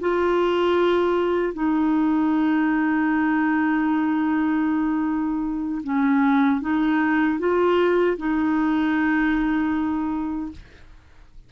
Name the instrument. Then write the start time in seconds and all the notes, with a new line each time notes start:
clarinet
0.00 F4
1.53 D#4
5.83 C#4
6.61 D#4
7.38 F4
8.17 D#4